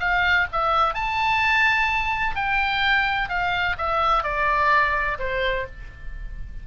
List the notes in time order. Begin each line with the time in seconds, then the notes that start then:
0.00 F5
0.52 E5
0.94 A5
2.36 G5
3.29 F5
3.78 E5
4.24 D5
5.19 C5